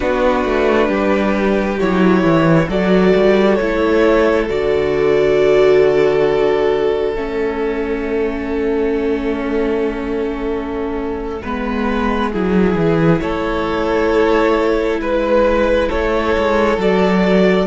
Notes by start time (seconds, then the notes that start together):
0.00 B3 D4 F#4 B4
0.44 A3
0.88 G3 G4
1.79 F#3 E4 C#5
2.23 E3
2.68 F#3 F#4 A4 D5
3.14 G3
3.55 A3 E4 C#5
4.49 D3 F#4 D5
7.15 A3 C#4 E5
11.42 G#3 B3 B4
12.32 F#3 E4 G#4
12.75 E3
13.19 A3 A4 C#5
14.99 G#3 B4
15.88 A3 A4 C#5
16.37 G#3
16.77 F#3 F#4 D5